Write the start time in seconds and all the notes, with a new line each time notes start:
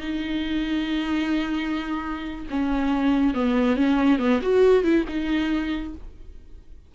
0.00 D#4
2.50 C#4
3.34 B3
3.76 C#4
4.18 B3
4.41 F#4
4.84 E4
5.08 D#4